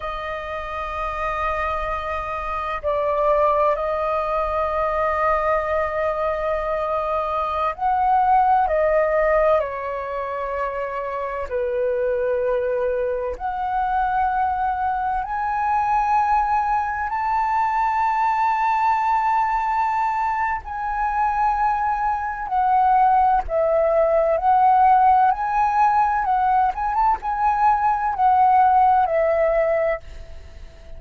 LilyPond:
\new Staff \with { instrumentName = "flute" } { \time 4/4 \tempo 4 = 64 dis''2. d''4 | dis''1~ | dis''16 fis''4 dis''4 cis''4.~ cis''16~ | cis''16 b'2 fis''4.~ fis''16~ |
fis''16 gis''2 a''4.~ a''16~ | a''2 gis''2 | fis''4 e''4 fis''4 gis''4 | fis''8 gis''16 a''16 gis''4 fis''4 e''4 | }